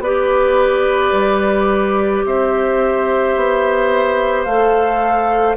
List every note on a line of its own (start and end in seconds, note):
0.00 1.11 B3
0.00 4.48 G4
0.00 2.26 B4
0.00 2.25 D5
1.12 2.23 G3
2.25 3.36 C4
2.25 5.57 C5
2.25 4.44 E5
3.37 4.46 B3
4.44 5.57 A3
4.44 5.57 A4
4.44 5.56 F5